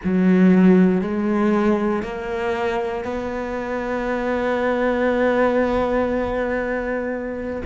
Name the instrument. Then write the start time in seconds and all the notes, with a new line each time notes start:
cello
0.04 F#3
1.01 G#3
2.02 A#3
3.04 B3